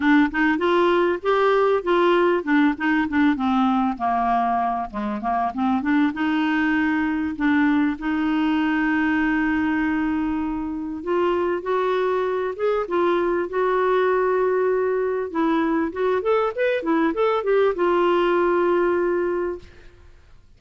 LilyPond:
\new Staff \with { instrumentName = "clarinet" } { \time 4/4 \tempo 4 = 98 d'8 dis'8 f'4 g'4 f'4 | d'8 dis'8 d'8 c'4 ais4. | gis8 ais8 c'8 d'8 dis'2 | d'4 dis'2.~ |
dis'2 f'4 fis'4~ | fis'8 gis'8 f'4 fis'2~ | fis'4 e'4 fis'8 a'8 b'8 e'8 | a'8 g'8 f'2. | }